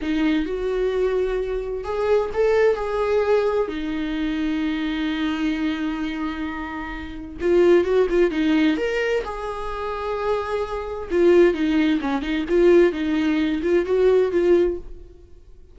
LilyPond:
\new Staff \with { instrumentName = "viola" } { \time 4/4 \tempo 4 = 130 dis'4 fis'2. | gis'4 a'4 gis'2 | dis'1~ | dis'1 |
f'4 fis'8 f'8 dis'4 ais'4 | gis'1 | f'4 dis'4 cis'8 dis'8 f'4 | dis'4. f'8 fis'4 f'4 | }